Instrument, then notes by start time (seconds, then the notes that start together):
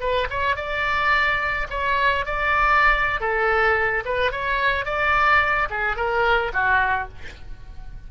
oboe
0.00 B4
0.30 C#5
0.56 D5
1.70 C#5
2.26 D5
3.20 A4
4.06 B4
4.32 C#5
4.85 D5
5.70 G#4
5.97 A#4
6.53 F#4